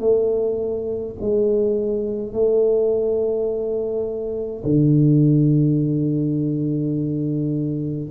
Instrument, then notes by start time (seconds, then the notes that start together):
tuba
0.00 A3
1.21 G#3
2.33 A3
4.65 D3